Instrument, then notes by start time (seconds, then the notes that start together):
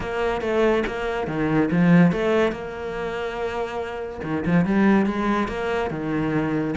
cello
0.00 A#3
0.41 A3
0.86 A#3
1.27 D#3
1.71 F3
2.11 A3
2.51 A#3
4.23 D#3
4.46 F3
4.65 G3
5.06 G#3
5.48 A#3
5.90 D#3